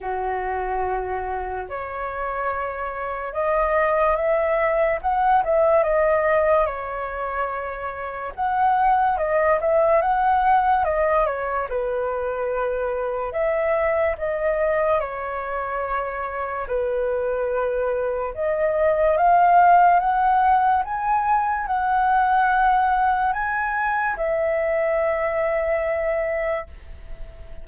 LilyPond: \new Staff \with { instrumentName = "flute" } { \time 4/4 \tempo 4 = 72 fis'2 cis''2 | dis''4 e''4 fis''8 e''8 dis''4 | cis''2 fis''4 dis''8 e''8 | fis''4 dis''8 cis''8 b'2 |
e''4 dis''4 cis''2 | b'2 dis''4 f''4 | fis''4 gis''4 fis''2 | gis''4 e''2. | }